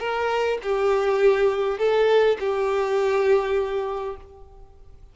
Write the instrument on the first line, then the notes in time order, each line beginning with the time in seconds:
violin
0.00 A#4
0.63 G4
1.79 A4
2.40 G4